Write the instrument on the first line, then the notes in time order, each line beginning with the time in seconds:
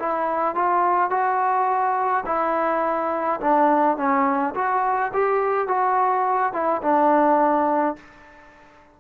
trombone
0.00 E4
0.55 F4
1.11 F#4
2.26 E4
3.41 D4
3.98 C#4
4.55 F#4
5.14 G4
5.68 F#4
6.53 E4
6.83 D4